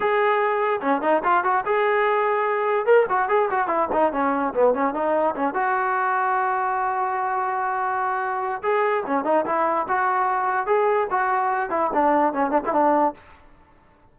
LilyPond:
\new Staff \with { instrumentName = "trombone" } { \time 4/4 \tempo 4 = 146 gis'2 cis'8 dis'8 f'8 fis'8 | gis'2. ais'8 fis'8 | gis'8 fis'8 e'8 dis'8 cis'4 b8 cis'8 | dis'4 cis'8 fis'2~ fis'8~ |
fis'1~ | fis'4 gis'4 cis'8 dis'8 e'4 | fis'2 gis'4 fis'4~ | fis'8 e'8 d'4 cis'8 d'16 e'16 d'4 | }